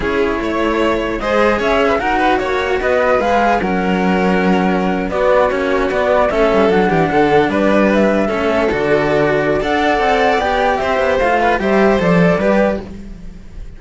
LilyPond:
<<
  \new Staff \with { instrumentName = "flute" } { \time 4/4 \tempo 4 = 150 cis''2. dis''4 | e''4 fis''4 cis''4 dis''4 | f''4 fis''2.~ | fis''8. d''4 cis''4 d''4 e''16~ |
e''8. fis''2 d''4 e''16~ | e''4.~ e''16 d''2~ d''16 | fis''2 g''4 e''4 | f''4 e''4 d''2 | }
  \new Staff \with { instrumentName = "violin" } { \time 4/4 gis'4 cis''2 c''4 | cis''8. b'16 ais'8 b'8 cis''4 b'4~ | b'4 ais'2.~ | ais'8. fis'2. a'16~ |
a'4~ a'16 g'8 a'4 b'4~ b'16~ | b'8. a'2.~ a'16 | d''2. c''4~ | c''8 b'8 c''2 b'4 | }
  \new Staff \with { instrumentName = "cello" } { \time 4/4 e'2. gis'4~ | gis'4 fis'2. | gis'4 cis'2.~ | cis'8. b4 cis'4 b4 cis'16~ |
cis'8. d'2.~ d'16~ | d'8. cis'4 fis'2~ fis'16 | a'2 g'2 | f'4 g'4 a'4 g'4 | }
  \new Staff \with { instrumentName = "cello" } { \time 4/4 cis'4 a2 gis4 | cis'4 dis'4 ais4 b4 | gis4 fis2.~ | fis8. b4 ais4 b4 a16~ |
a16 g8 fis8 e8 d4 g4~ g16~ | g8. a4 d2~ d16 | d'4 c'4 b4 c'8 b8 | a4 g4 f4 g4 | }
>>